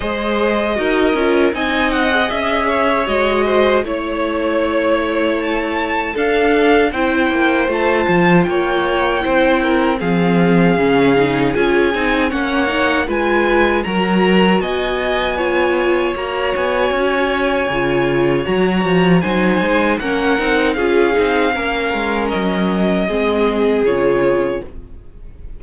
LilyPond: <<
  \new Staff \with { instrumentName = "violin" } { \time 4/4 \tempo 4 = 78 dis''2 gis''8 fis''8 e''4 | dis''4 cis''2 a''4 | f''4 g''4 a''4 g''4~ | g''4 f''2 gis''4 |
fis''4 gis''4 ais''4 gis''4~ | gis''4 ais''8 gis''2~ gis''8 | ais''4 gis''4 fis''4 f''4~ | f''4 dis''2 cis''4 | }
  \new Staff \with { instrumentName = "violin" } { \time 4/4 c''4 ais'4 dis''4. cis''8~ | cis''8 c''8 cis''2. | a'4 c''2 cis''4 | c''8 ais'8 gis'2. |
cis''4 b'4 ais'4 dis''4 | cis''1~ | cis''4 c''4 ais'4 gis'4 | ais'2 gis'2 | }
  \new Staff \with { instrumentName = "viola" } { \time 4/4 gis'4 fis'8 f'8 dis'8. gis'4~ gis'16 | fis'4 e'2. | d'4 e'4 f'2 | e'4 c'4 cis'8 dis'8 f'8 dis'8 |
cis'8 dis'8 f'4 fis'2 | f'4 fis'2 f'4 | fis'4 dis'4 cis'8 dis'8 f'8 dis'8 | cis'2 c'4 f'4 | }
  \new Staff \with { instrumentName = "cello" } { \time 4/4 gis4 dis'8 cis'8 c'4 cis'4 | gis4 a2. | d'4 c'8 ais8 a8 f8 ais4 | c'4 f4 cis4 cis'8 c'8 |
ais4 gis4 fis4 b4~ | b4 ais8 b8 cis'4 cis4 | fis8 f8 fis8 gis8 ais8 c'8 cis'8 c'8 | ais8 gis8 fis4 gis4 cis4 | }
>>